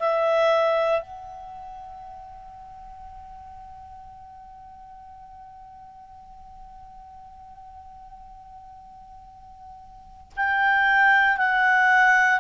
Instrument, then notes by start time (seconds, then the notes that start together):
clarinet
0.00 E5
1.02 F#5
10.37 G5
11.37 F#5